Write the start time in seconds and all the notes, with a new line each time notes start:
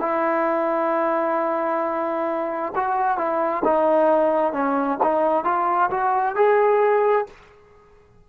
0.00 E4
2.75 F#4
3.17 E4
3.64 D#4
4.52 C#4
5.02 D#4
5.44 F4
5.90 F#4
6.36 G#4